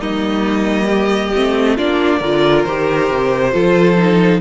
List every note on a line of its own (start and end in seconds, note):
0.00 1.32 G3
0.00 1.33 A#3
0.00 0.86 D#4
0.00 1.77 D#5
0.86 1.74 G4
1.36 1.79 A3
1.36 1.78 C4
1.76 2.20 A#3
1.76 2.22 D4
1.76 2.19 F4
1.76 2.64 D5
2.19 2.64 D3
2.19 2.67 F4
2.19 3.51 A#4
2.64 3.10 D#3
2.64 3.52 G4
2.64 4.40 C5
3.10 3.54 C3
3.52 4.41 F3
3.52 3.96 F4
3.52 4.41 A4
3.97 4.41 D#4